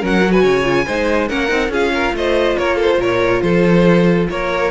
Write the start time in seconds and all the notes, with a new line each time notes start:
0.00 F#3 C#4 A#4 F#5
0.22 F#4
0.32 B4 G#5
0.43 C#3 C#5
0.64 F4
0.86 G#3 D#4 C5
1.29 A#3 C#4 A#4 F#5
1.49 C4 D#4
1.69 C#4 F4 G#4 F5
1.94 A#4
2.14 A3 C5 D#5
2.58 A#3 A#4 C#5
2.76 A4
2.83 C5
2.99 A#2 A#4 C#5
3.42 F3 A4 C5
4.30 A#3 A#4 C#5